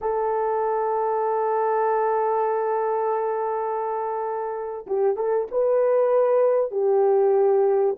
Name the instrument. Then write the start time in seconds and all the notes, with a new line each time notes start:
horn
0.01 A4
4.86 G4
5.16 A4
5.51 B4
6.71 G4